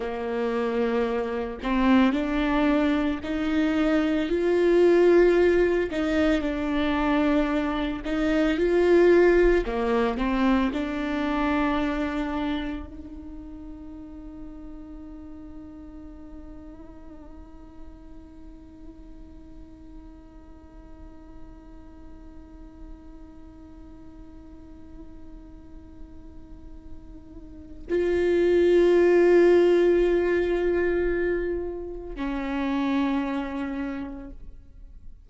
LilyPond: \new Staff \with { instrumentName = "viola" } { \time 4/4 \tempo 4 = 56 ais4. c'8 d'4 dis'4 | f'4. dis'8 d'4. dis'8 | f'4 ais8 c'8 d'2 | dis'1~ |
dis'1~ | dis'1~ | dis'2 f'2~ | f'2 cis'2 | }